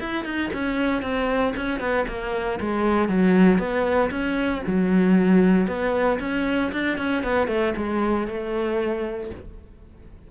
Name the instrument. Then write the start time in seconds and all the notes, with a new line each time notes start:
cello
0.00 E4
0.25 D#4
0.53 C#4
1.02 C4
1.56 C#4
1.80 B3
2.08 A#3
2.61 G#3
3.09 F#3
3.59 B3
4.11 C#4
4.67 F#3
5.68 B3
6.20 C#4
6.72 D4
6.98 C#4
7.23 B3
7.48 A3
7.77 G#3
8.28 A3